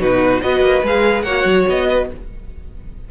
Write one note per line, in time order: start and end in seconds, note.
0.00 0.42 B2
0.00 0.42 D#4
0.00 0.42 F#4
0.00 0.42 B4
0.42 0.62 B3
0.42 0.83 F#4
0.42 1.24 B4
0.42 0.83 D#5
0.62 0.83 A#3
0.83 1.24 G#3
0.83 1.26 G#4
0.83 1.23 F5
1.23 1.45 A#3
1.23 2.10 F#4
1.23 1.87 C#5
1.23 1.64 F#5
1.45 1.66 F#3
1.69 2.11 B3
1.69 2.11 D#5
1.89 2.10 B4